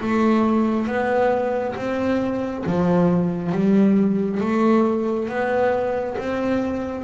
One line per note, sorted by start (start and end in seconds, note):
0.00 0.87 A3
0.87 1.75 B3
1.76 2.64 C4
2.66 3.52 F3
3.52 4.40 G3
4.40 5.29 A3
5.29 6.17 B3
6.18 7.04 C4